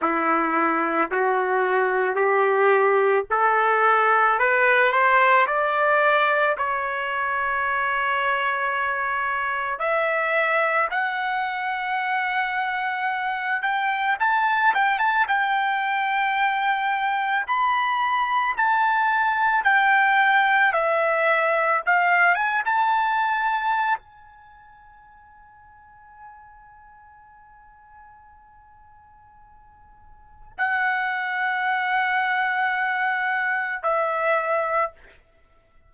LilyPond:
\new Staff \with { instrumentName = "trumpet" } { \time 4/4 \tempo 4 = 55 e'4 fis'4 g'4 a'4 | b'8 c''8 d''4 cis''2~ | cis''4 e''4 fis''2~ | fis''8 g''8 a''8 g''16 a''16 g''2 |
b''4 a''4 g''4 e''4 | f''8 gis''16 a''4~ a''16 gis''2~ | gis''1 | fis''2. e''4 | }